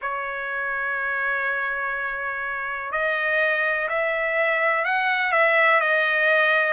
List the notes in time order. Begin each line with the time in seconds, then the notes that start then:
0.01 C#5
2.91 D#5
3.88 E5
4.84 F#5
5.31 E5
5.80 D#5